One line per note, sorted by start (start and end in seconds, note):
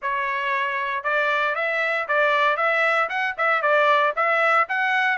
0.02 1.03 C#5
1.03 1.55 D5
1.55 2.07 E5
2.07 2.57 D5
2.57 3.08 E5
3.09 3.35 F#5
3.37 3.62 E5
3.62 4.13 D5
4.15 4.67 E5
4.69 5.17 F#5